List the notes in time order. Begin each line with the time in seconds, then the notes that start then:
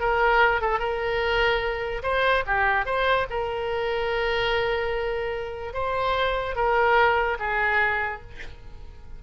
0.00 A#4
0.61 A4
0.79 A#4
2.03 C5
2.46 G4
2.85 C5
3.30 A#4
5.73 C5
6.55 A#4
7.39 G#4